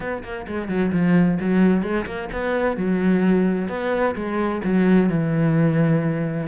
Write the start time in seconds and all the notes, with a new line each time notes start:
0.00 B3
0.23 A#3
0.47 G#3
0.68 F#3
0.92 F3
1.40 F#3
1.82 G#3
2.05 A#3
2.32 B3
2.77 F#3
3.68 B3
4.15 G#3
4.64 F#3
5.09 E3